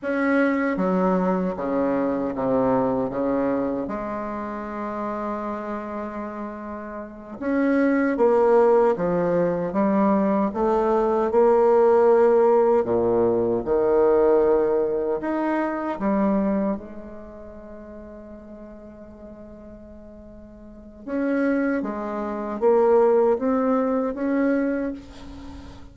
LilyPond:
\new Staff \with { instrumentName = "bassoon" } { \time 4/4 \tempo 4 = 77 cis'4 fis4 cis4 c4 | cis4 gis2.~ | gis4. cis'4 ais4 f8~ | f8 g4 a4 ais4.~ |
ais8 ais,4 dis2 dis'8~ | dis'8 g4 gis2~ gis8~ | gis2. cis'4 | gis4 ais4 c'4 cis'4 | }